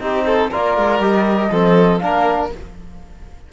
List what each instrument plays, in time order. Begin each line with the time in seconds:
0.00 cello C4, trombone D#4, violin G4, flute C5
0.25 violin A4
0.50 cello A#3, trombone F4, violin A#4, flute D5
0.77 cello G#3
0.99 cello G3, trombone G4, flute D#5
1.51 cello F3, trombone C4, violin A4
1.97 cello A#3, trombone D4, violin A#4, flute F5